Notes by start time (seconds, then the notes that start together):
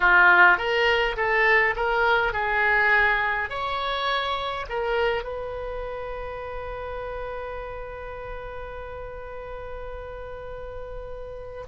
0.00 F4
0.57 A#4
1.16 A4
1.76 A#4
2.32 G#4
3.49 C#5
4.69 A#4
5.23 B4